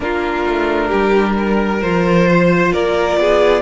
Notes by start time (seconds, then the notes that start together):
0.00 A#3 D4 F4 A#4
0.46 A3
0.87 G3 G4
1.38 A#4
1.81 F3 F4 C5
2.28 C5
2.73 A#3 A#4 D5
3.16 B3 G#4